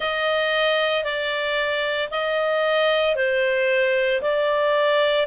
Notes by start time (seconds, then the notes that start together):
0.00 D#5
1.04 D5
2.11 D#5
3.15 C5
4.21 D5